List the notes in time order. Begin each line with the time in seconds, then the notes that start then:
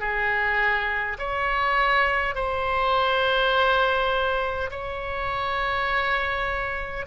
0.00 G#4
1.19 C#5
2.35 C5
4.71 C#5